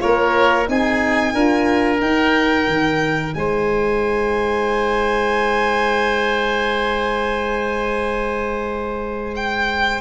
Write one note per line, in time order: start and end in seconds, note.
0.00 0.69 A#3
0.00 0.67 F4
0.00 0.70 A#4
0.00 0.68 C#5
0.69 1.34 C4
0.69 1.35 D#4
0.69 1.34 G#4
0.69 2.01 G#5
1.34 2.01 D4
1.34 2.00 F4
1.34 3.34 A#4
2.00 10.00 D#4
2.00 2.67 D#4
2.00 3.35 G5
2.67 3.34 D#3
3.35 10.01 G#3
3.35 10.01 C5
3.35 9.35 G#5
9.36 10.01 G5